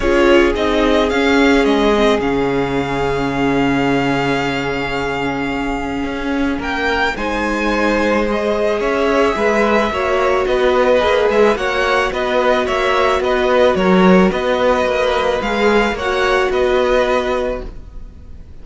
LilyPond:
<<
  \new Staff \with { instrumentName = "violin" } { \time 4/4 \tempo 4 = 109 cis''4 dis''4 f''4 dis''4 | f''1~ | f''1 | g''4 gis''2 dis''4 |
e''2. dis''4~ | dis''8 e''8 fis''4 dis''4 e''4 | dis''4 cis''4 dis''2 | f''4 fis''4 dis''2 | }
  \new Staff \with { instrumentName = "violin" } { \time 4/4 gis'1~ | gis'1~ | gis'1 | ais'4 c''2. |
cis''4 b'4 cis''4 b'4~ | b'4 cis''4 b'4 cis''4 | b'4 ais'4 b'2~ | b'4 cis''4 b'2 | }
  \new Staff \with { instrumentName = "viola" } { \time 4/4 f'4 dis'4 cis'4. c'8 | cis'1~ | cis'1~ | cis'4 dis'2 gis'4~ |
gis'2 fis'2 | gis'4 fis'2.~ | fis'1 | gis'4 fis'2. | }
  \new Staff \with { instrumentName = "cello" } { \time 4/4 cis'4 c'4 cis'4 gis4 | cis1~ | cis2. cis'4 | ais4 gis2. |
cis'4 gis4 ais4 b4 | ais8 gis8 ais4 b4 ais4 | b4 fis4 b4 ais4 | gis4 ais4 b2 | }
>>